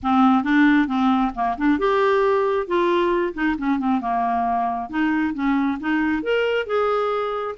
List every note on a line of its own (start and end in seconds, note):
0.03 0.43 C4
0.43 0.87 D4
0.87 1.32 C4
1.34 1.57 A#3
1.57 1.78 D4
1.78 2.67 G4
2.67 3.33 F4
3.33 3.56 D#4
3.58 3.78 C#4
3.78 4.00 C4
4.00 4.89 A#3
4.89 5.34 D#4
5.34 5.78 C#4
5.80 6.22 D#4
6.22 6.66 A#4
6.66 7.55 G#4